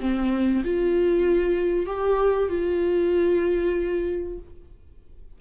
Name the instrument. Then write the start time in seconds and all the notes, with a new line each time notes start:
viola
0.00 C4
0.64 F4
1.87 G4
2.49 F4